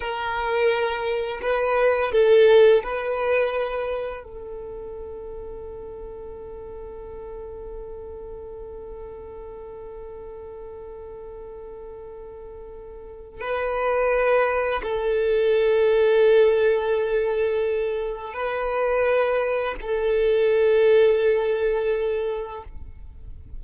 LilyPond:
\new Staff \with { instrumentName = "violin" } { \time 4/4 \tempo 4 = 85 ais'2 b'4 a'4 | b'2 a'2~ | a'1~ | a'1~ |
a'2. b'4~ | b'4 a'2.~ | a'2 b'2 | a'1 | }